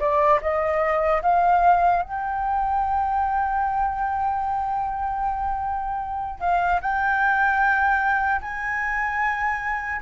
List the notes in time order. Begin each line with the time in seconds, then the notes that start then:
0.00 D5
0.42 D#5
1.23 F5
2.03 G5
6.40 F5
6.81 G5
8.42 G#5